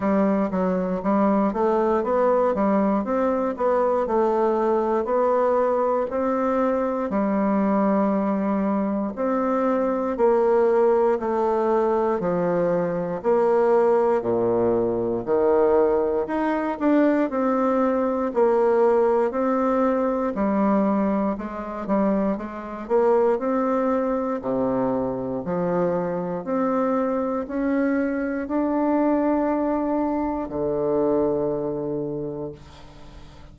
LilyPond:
\new Staff \with { instrumentName = "bassoon" } { \time 4/4 \tempo 4 = 59 g8 fis8 g8 a8 b8 g8 c'8 b8 | a4 b4 c'4 g4~ | g4 c'4 ais4 a4 | f4 ais4 ais,4 dis4 |
dis'8 d'8 c'4 ais4 c'4 | g4 gis8 g8 gis8 ais8 c'4 | c4 f4 c'4 cis'4 | d'2 d2 | }